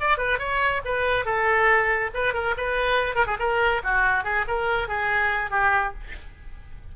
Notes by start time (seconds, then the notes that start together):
0.00 D5
0.17 B4
0.39 C#5
0.85 B4
1.25 A4
2.14 B4
2.33 A#4
2.57 B4
3.15 A#4
3.26 G#4
3.39 A#4
3.83 F#4
4.24 G#4
4.48 A#4
4.88 G#4
5.50 G4